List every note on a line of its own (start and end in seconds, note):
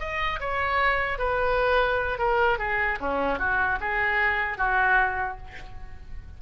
0.00 0.40 D#5
0.40 1.19 C#5
1.19 2.19 B4
2.19 2.59 A#4
2.59 2.99 G#4
3.01 3.39 C#4
3.39 3.79 F#4
3.81 4.58 G#4
4.58 5.38 F#4